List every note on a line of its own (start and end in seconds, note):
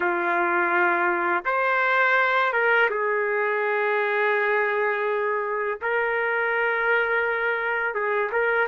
0.00 1.44 F4
1.45 2.53 C5
2.53 2.89 A#4
2.89 5.79 G#4
5.81 7.94 A#4
7.94 8.30 G#4
8.32 8.68 A#4